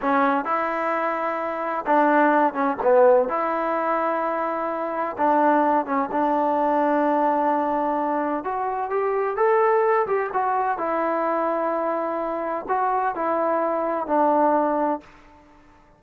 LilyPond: \new Staff \with { instrumentName = "trombone" } { \time 4/4 \tempo 4 = 128 cis'4 e'2. | d'4. cis'8 b4 e'4~ | e'2. d'4~ | d'8 cis'8 d'2.~ |
d'2 fis'4 g'4 | a'4. g'8 fis'4 e'4~ | e'2. fis'4 | e'2 d'2 | }